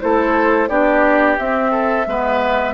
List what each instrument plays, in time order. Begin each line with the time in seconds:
0.00 bassoon A3, clarinet E4, oboe A4, flute C5
0.68 bassoon B3, clarinet D4, oboe G4, flute D5
1.37 clarinet C4, bassoon C4, flute E5
1.71 oboe A4
2.06 bassoon G#3, clarinet B3, oboe B4